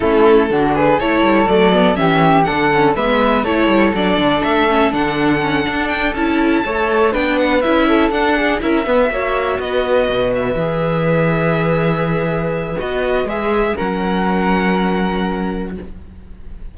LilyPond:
<<
  \new Staff \with { instrumentName = "violin" } { \time 4/4 \tempo 4 = 122 a'4. b'8 cis''4 d''4 | e''4 fis''4 e''4 cis''4 | d''4 e''4 fis''2 | g''8 a''2 g''8 fis''8 e''8~ |
e''8 fis''4 e''2 dis''8~ | dis''4 e''2.~ | e''2 dis''4 e''4 | fis''1 | }
  \new Staff \with { instrumentName = "flute" } { \time 4/4 e'4 fis'8 gis'8 a'2 | g'4 a'4 b'4 a'4~ | a'1~ | a'4. cis''4 b'4. |
a'4 gis'8 ais'8 b'8 cis''4 b'8~ | b'1~ | b'1 | ais'1 | }
  \new Staff \with { instrumentName = "viola" } { \time 4/4 cis'4 d'4 e'4 a8 b8 | cis'4 d'8 cis'8 b4 e'4 | d'4. cis'8 d'4 cis'8 d'8~ | d'8 e'4 a'4 d'4 e'8~ |
e'8 d'4 e'8 b8 fis'4.~ | fis'4. gis'2~ gis'8~ | gis'2 fis'4 gis'4 | cis'1 | }
  \new Staff \with { instrumentName = "cello" } { \time 4/4 a4 d4 a8 g8 fis4 | e4 d4 gis4 a8 g8 | fis8 d8 a4 d4. d'8~ | d'8 cis'4 a4 b4 cis'8~ |
cis'8 d'4 cis'8 b8 ais4 b8~ | b8 b,4 e2~ e8~ | e2 b4 gis4 | fis1 | }
>>